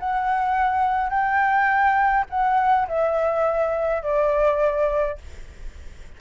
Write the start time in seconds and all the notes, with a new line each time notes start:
0.00 F#5
1.10 G5
2.30 F#5
2.88 E5
4.03 D5